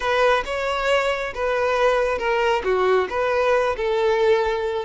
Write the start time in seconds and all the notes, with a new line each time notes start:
0.00 B4
0.45 C#5
1.34 B4
2.18 A#4
2.64 F#4
3.09 B4
3.76 A4